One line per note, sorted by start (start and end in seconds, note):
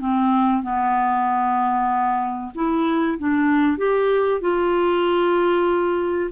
0.00 0.63 C4
0.63 2.52 B3
2.55 3.18 E4
3.18 3.78 D4
3.78 4.41 G4
4.41 6.30 F4